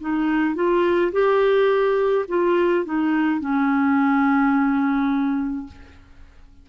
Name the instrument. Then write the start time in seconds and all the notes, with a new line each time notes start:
clarinet
0.00 D#4
0.55 F4
1.12 G4
2.28 F4
2.85 D#4
3.40 C#4